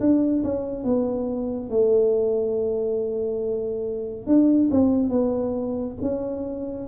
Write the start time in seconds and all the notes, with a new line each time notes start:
0.00 D4
0.44 C#4
0.85 B3
1.70 A3
4.27 D4
4.71 C4
5.10 B3
6.02 C#4